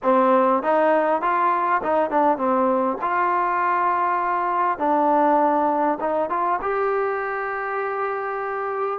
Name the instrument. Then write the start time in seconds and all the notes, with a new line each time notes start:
trombone
0.02 C4
0.62 D#4
1.21 F4
1.82 D#4
2.10 D4
2.37 C4
3.01 F4
4.78 D4
6.00 D#4
6.29 F4
6.61 G4